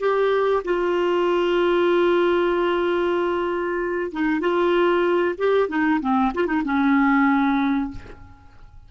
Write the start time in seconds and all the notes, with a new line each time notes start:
0.00 G4
0.65 F4
4.12 D#4
4.41 F4
5.38 G4
5.69 D#4
6.01 C4
6.35 F4
6.47 D#4
6.65 C#4